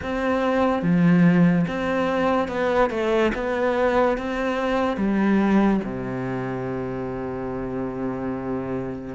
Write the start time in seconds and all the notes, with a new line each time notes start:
0.02 C4
0.82 F3
1.67 C4
2.48 B3
2.90 A3
3.34 B3
4.17 C4
4.97 G3
5.83 C3